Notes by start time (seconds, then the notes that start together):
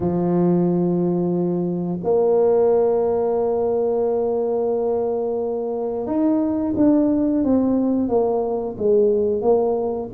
0.00 F3
2.03 A#3
6.06 D#4
6.76 D4
7.43 C4
8.08 A#3
8.78 G#3
9.41 A#3